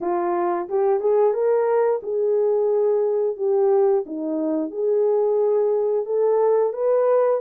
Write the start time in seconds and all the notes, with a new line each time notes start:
0.00 F4
0.69 G4
1.00 G#4
1.33 A#4
2.02 G#4
3.36 G4
4.06 D#4
4.70 G#4
6.05 A4
6.73 B4